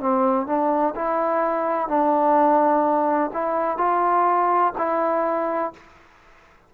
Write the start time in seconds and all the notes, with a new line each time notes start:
0.00 C4
0.46 D4
0.95 E4
1.88 D4
3.33 E4
3.77 F4
4.77 E4